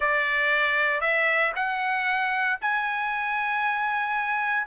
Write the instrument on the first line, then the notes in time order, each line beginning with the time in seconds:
trumpet
0.00 D5
1.00 E5
1.55 F#5
2.61 G#5